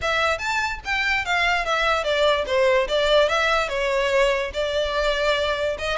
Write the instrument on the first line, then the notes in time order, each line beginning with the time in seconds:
violin
0.01 E5
0.38 A5
0.84 G5
1.25 F5
1.65 E5
2.03 D5
2.46 C5
2.88 D5
3.29 E5
3.69 C#5
4.53 D5
5.78 D#5